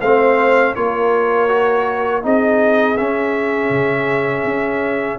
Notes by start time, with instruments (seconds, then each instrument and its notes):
0.00 tuba A3, trombone C4, horn C5, trumpet F5
0.75 tuba A#3, trombone F4, horn A#4, trumpet C#5
1.48 trombone F#4
2.22 tuba C4, trombone D#4, horn G#4, trumpet D#5
2.97 tuba C#4, trombone C#4, trumpet E5
3.69 tuba C#3
4.44 tuba C#4